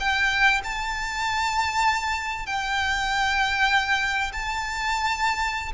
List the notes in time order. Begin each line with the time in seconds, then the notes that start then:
0.00 G5
0.64 A5
2.47 G5
4.33 A5